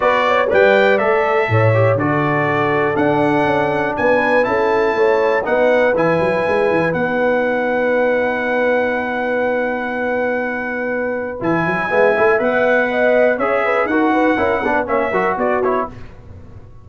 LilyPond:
<<
  \new Staff \with { instrumentName = "trumpet" } { \time 4/4 \tempo 4 = 121 d''4 g''4 e''2 | d''2 fis''2 | gis''4 a''2 fis''4 | gis''2 fis''2~ |
fis''1~ | fis''2. gis''4~ | gis''4 fis''2 e''4 | fis''2 e''4 d''8 cis''8 | }
  \new Staff \with { instrumentName = "horn" } { \time 4/4 b'8 cis''8 d''2 cis''4 | a'1 | b'4 a'4 cis''4 b'4~ | b'1~ |
b'1~ | b'1 | e''2 dis''4 cis''8 b'8 | ais'8 b'8 ais'8 b'8 cis''8 ais'8 fis'4 | }
  \new Staff \with { instrumentName = "trombone" } { \time 4/4 fis'4 b'4 a'4. g'8 | fis'2 d'2~ | d'4 e'2 dis'4 | e'2 dis'2~ |
dis'1~ | dis'2. e'4 | b8 e'8 b'2 gis'4 | fis'4 e'8 d'8 cis'8 fis'4 e'8 | }
  \new Staff \with { instrumentName = "tuba" } { \time 4/4 b4 g4 a4 a,4 | d2 d'4 cis'4 | b4 cis'4 a4 b4 | e8 fis8 gis8 e8 b2~ |
b1~ | b2. e8 fis8 | gis8 a8 b2 cis'4 | dis'4 cis'8 b8 ais8 fis8 b4 | }
>>